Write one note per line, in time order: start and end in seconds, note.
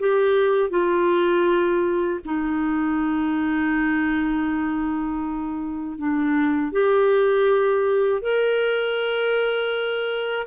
0.00 0.70 G4
0.70 2.20 F4
2.25 5.98 D#4
5.98 6.72 D4
6.72 8.22 G4
8.22 10.47 A#4